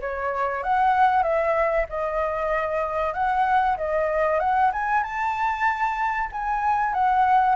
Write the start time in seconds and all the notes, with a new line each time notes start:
0.00 C#5
0.63 F#5
1.23 E5
1.89 D#5
3.13 F#5
3.77 D#5
4.39 F#5
4.73 G#5
5.03 A5
6.32 G#5
6.94 F#5